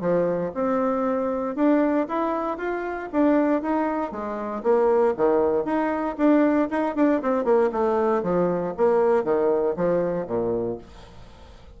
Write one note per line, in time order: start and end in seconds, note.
0.00 0.51 F3
0.54 1.55 C4
1.55 2.07 D4
2.08 2.57 E4
2.57 3.09 F4
3.12 3.62 D4
3.62 4.11 D#4
4.11 4.62 G#3
4.63 5.14 A#3
5.16 5.64 D#3
5.64 6.16 D#4
6.17 6.69 D4
6.70 6.95 D#4
6.95 7.21 D4
7.21 7.44 C4
7.44 7.70 A#3
7.72 8.22 A3
8.22 8.74 F3
8.77 9.24 A#3
9.24 9.75 D#3
9.76 10.26 F3
10.26 10.78 A#2